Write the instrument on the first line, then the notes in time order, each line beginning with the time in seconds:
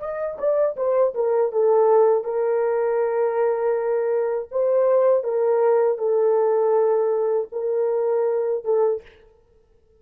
horn
0.00 D#5
0.39 D5
0.77 C5
1.15 A#4
1.52 A4
2.24 A#4
4.51 C5
5.24 A#4
5.98 A4
7.52 A#4
8.65 A4